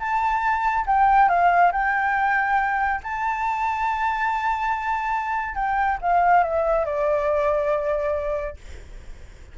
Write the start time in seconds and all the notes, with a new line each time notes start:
0.00 A5
0.87 G5
1.29 F5
1.73 G5
3.04 A5
5.55 G5
6.02 F5
6.44 E5
6.86 D5